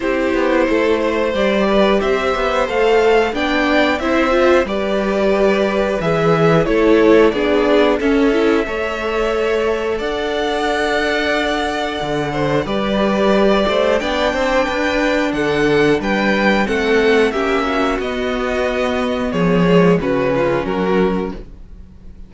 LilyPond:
<<
  \new Staff \with { instrumentName = "violin" } { \time 4/4 \tempo 4 = 90 c''2 d''4 e''4 | f''4 g''4 e''4 d''4~ | d''4 e''4 cis''4 d''4 | e''2. fis''4~ |
fis''2. d''4~ | d''4 g''2 fis''4 | g''4 fis''4 e''4 dis''4~ | dis''4 cis''4 b'4 ais'4 | }
  \new Staff \with { instrumentName = "violin" } { \time 4/4 g'4 a'8 c''4 b'8 c''4~ | c''4 d''4 c''4 b'4~ | b'2 a'4 gis'4 | a'4 cis''2 d''4~ |
d''2~ d''8 c''8 b'4~ | b'8 c''8 d''8 c''8 b'4 a'4 | b'4 a'4 g'8 fis'4.~ | fis'4 gis'4 fis'8 f'8 fis'4 | }
  \new Staff \with { instrumentName = "viola" } { \time 4/4 e'2 g'2 | a'4 d'4 e'8 f'8 g'4~ | g'4 gis'4 e'4 d'4 | cis'8 e'8 a'2.~ |
a'2. g'4~ | g'4 d'2.~ | d'4 c'4 cis'4 b4~ | b4. gis8 cis'2 | }
  \new Staff \with { instrumentName = "cello" } { \time 4/4 c'8 b8 a4 g4 c'8 b8 | a4 b4 c'4 g4~ | g4 e4 a4 b4 | cis'4 a2 d'4~ |
d'2 d4 g4~ | g8 a8 b8 c'8 d'4 d4 | g4 a4 ais4 b4~ | b4 f4 cis4 fis4 | }
>>